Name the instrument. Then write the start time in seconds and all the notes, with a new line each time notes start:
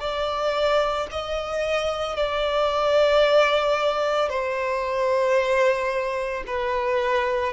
violin
0.00 D5
1.11 D#5
2.16 D5
4.29 C5
6.46 B4